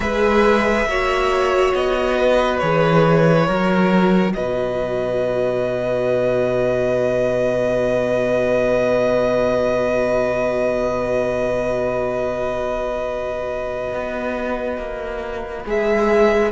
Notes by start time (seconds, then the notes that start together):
0.00 G#3 G#4 B4 E5
0.85 A#3 F#4 C#5
1.74 B3 D#5
2.17 B4
2.58 E3 G#4 C#5
3.46 F#3 F#4 A#4
4.33 B2 B4 D#5
13.93 B3
14.77 A#3
15.65 G#3 G#4 E5